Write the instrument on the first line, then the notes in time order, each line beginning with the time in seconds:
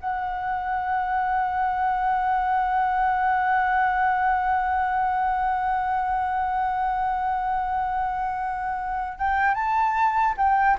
flute
0.00 F#5
9.18 G5
9.55 A5
10.37 G5